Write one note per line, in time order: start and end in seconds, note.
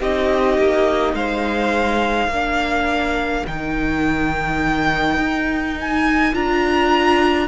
0.00 0.58 C4
0.00 2.31 D#4
0.00 1.15 G4
0.00 1.15 D#5
0.58 1.13 A#3
1.13 2.27 G#3
1.13 2.31 C5
1.13 3.46 F5
2.27 3.43 A#3
2.27 3.46 D4
2.27 7.48 A#4
3.46 5.18 D#3
3.46 6.33 D#4
3.46 5.78 G5
5.18 6.33 D#4
5.81 6.35 G#5
6.33 7.48 D4
6.33 7.48 F4
6.33 7.48 A#5